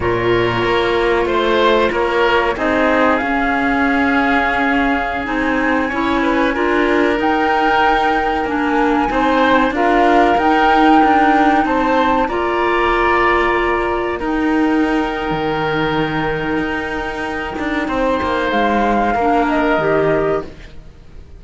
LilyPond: <<
  \new Staff \with { instrumentName = "flute" } { \time 4/4 \tempo 4 = 94 cis''2 c''4 cis''4 | dis''4 f''2.~ | f''16 gis''2. g''8.~ | g''4~ g''16 gis''2 f''8.~ |
f''16 g''2 a''4 ais''8.~ | ais''2~ ais''16 g''4.~ g''16~ | g''1~ | g''4 f''4. dis''4. | }
  \new Staff \with { instrumentName = "oboe" } { \time 4/4 ais'2 c''4 ais'4 | gis'1~ | gis'4~ gis'16 cis''8 b'8 ais'4.~ ais'16~ | ais'2~ ais'16 c''4 ais'8.~ |
ais'2~ ais'16 c''4 d''8.~ | d''2~ d''16 ais'4.~ ais'16~ | ais'1 | c''2 ais'2 | }
  \new Staff \with { instrumentName = "clarinet" } { \time 4/4 f'1 | dis'4 cis'2.~ | cis'16 dis'4 e'4 f'4 dis'8.~ | dis'4~ dis'16 d'4 dis'4 f'8.~ |
f'16 dis'2. f'8.~ | f'2~ f'16 dis'4.~ dis'16~ | dis'1~ | dis'2 d'4 g'4 | }
  \new Staff \with { instrumentName = "cello" } { \time 4/4 ais,4 ais4 a4 ais4 | c'4 cis'2.~ | cis'16 c'4 cis'4 d'4 dis'8.~ | dis'4~ dis'16 ais4 c'4 d'8.~ |
d'16 dis'4 d'4 c'4 ais8.~ | ais2~ ais16 dis'4.~ dis'16 | dis2 dis'4. d'8 | c'8 ais8 gis4 ais4 dis4 | }
>>